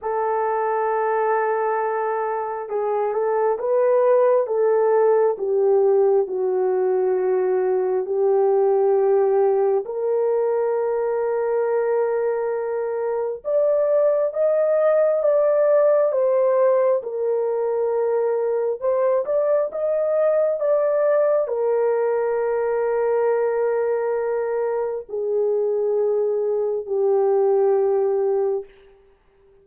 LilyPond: \new Staff \with { instrumentName = "horn" } { \time 4/4 \tempo 4 = 67 a'2. gis'8 a'8 | b'4 a'4 g'4 fis'4~ | fis'4 g'2 ais'4~ | ais'2. d''4 |
dis''4 d''4 c''4 ais'4~ | ais'4 c''8 d''8 dis''4 d''4 | ais'1 | gis'2 g'2 | }